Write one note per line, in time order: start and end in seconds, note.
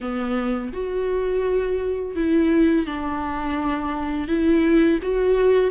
0.00 0.72 B3
0.72 2.15 F#4
2.15 2.86 E4
2.86 4.28 D4
4.28 4.99 E4
5.02 5.70 F#4